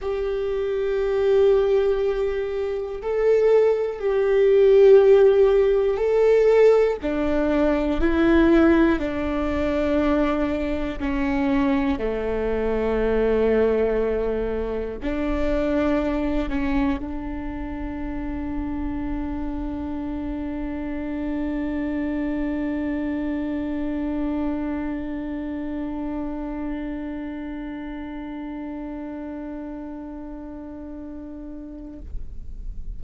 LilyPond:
\new Staff \with { instrumentName = "viola" } { \time 4/4 \tempo 4 = 60 g'2. a'4 | g'2 a'4 d'4 | e'4 d'2 cis'4 | a2. d'4~ |
d'8 cis'8 d'2.~ | d'1~ | d'1~ | d'1 | }